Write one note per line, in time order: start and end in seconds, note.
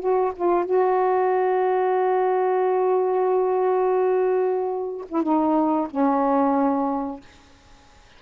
0.00 0.33 F#4
0.36 0.65 F4
0.65 5.05 F#4
5.09 5.23 E4
5.23 5.88 D#4
5.91 7.21 C#4